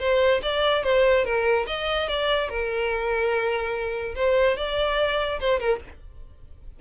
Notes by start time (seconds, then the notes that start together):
0.00 C5
0.43 D5
0.84 C5
1.25 A#4
1.67 D#5
2.09 D5
2.50 A#4
4.15 C5
4.57 D5
5.40 C5
5.60 A#4